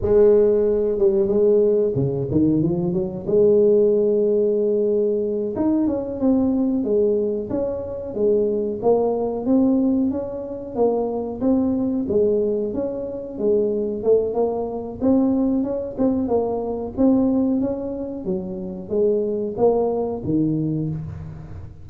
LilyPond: \new Staff \with { instrumentName = "tuba" } { \time 4/4 \tempo 4 = 92 gis4. g8 gis4 cis8 dis8 | f8 fis8 gis2.~ | gis8 dis'8 cis'8 c'4 gis4 cis'8~ | cis'8 gis4 ais4 c'4 cis'8~ |
cis'8 ais4 c'4 gis4 cis'8~ | cis'8 gis4 a8 ais4 c'4 | cis'8 c'8 ais4 c'4 cis'4 | fis4 gis4 ais4 dis4 | }